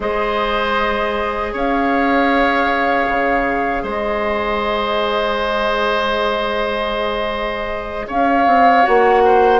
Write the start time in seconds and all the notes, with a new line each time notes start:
0.00 G#3 G#4 C5 D#5
1.52 C#4 C#5 F5
3.07 C#3
3.82 G#3 C5 D#5
8.07 C#4 C#5 F5
8.46 C4
8.83 A#3 F#4 F#5
9.24 C5